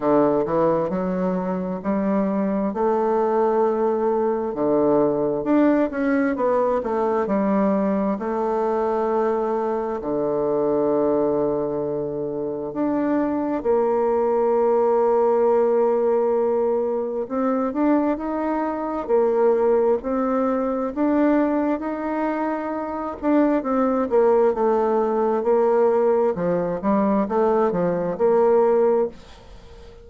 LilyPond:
\new Staff \with { instrumentName = "bassoon" } { \time 4/4 \tempo 4 = 66 d8 e8 fis4 g4 a4~ | a4 d4 d'8 cis'8 b8 a8 | g4 a2 d4~ | d2 d'4 ais4~ |
ais2. c'8 d'8 | dis'4 ais4 c'4 d'4 | dis'4. d'8 c'8 ais8 a4 | ais4 f8 g8 a8 f8 ais4 | }